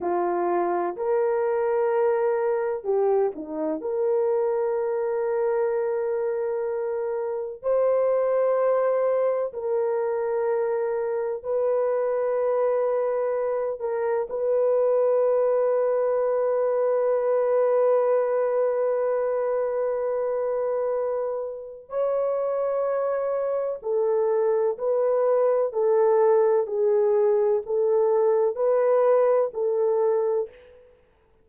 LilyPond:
\new Staff \with { instrumentName = "horn" } { \time 4/4 \tempo 4 = 63 f'4 ais'2 g'8 dis'8 | ais'1 | c''2 ais'2 | b'2~ b'8 ais'8 b'4~ |
b'1~ | b'2. cis''4~ | cis''4 a'4 b'4 a'4 | gis'4 a'4 b'4 a'4 | }